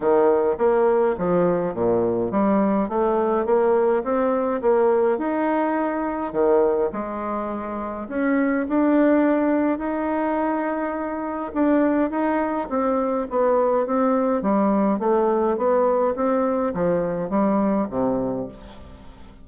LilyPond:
\new Staff \with { instrumentName = "bassoon" } { \time 4/4 \tempo 4 = 104 dis4 ais4 f4 ais,4 | g4 a4 ais4 c'4 | ais4 dis'2 dis4 | gis2 cis'4 d'4~ |
d'4 dis'2. | d'4 dis'4 c'4 b4 | c'4 g4 a4 b4 | c'4 f4 g4 c4 | }